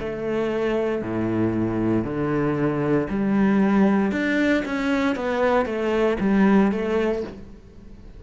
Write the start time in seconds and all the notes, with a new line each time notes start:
0.00 A3
1.03 A2
2.05 D3
3.10 G3
4.12 D4
4.66 C#4
5.16 B3
5.66 A3
6.21 G3
6.72 A3